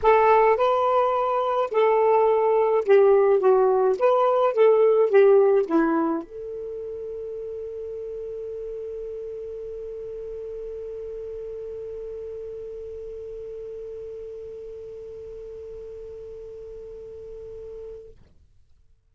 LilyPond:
\new Staff \with { instrumentName = "saxophone" } { \time 4/4 \tempo 4 = 106 a'4 b'2 a'4~ | a'4 g'4 fis'4 b'4 | a'4 g'4 e'4 a'4~ | a'1~ |
a'1~ | a'1~ | a'1~ | a'1 | }